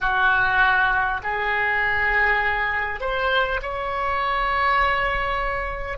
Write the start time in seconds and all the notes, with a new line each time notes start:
0.01 F#4
1.23 G#4
3.00 C5
3.62 C#5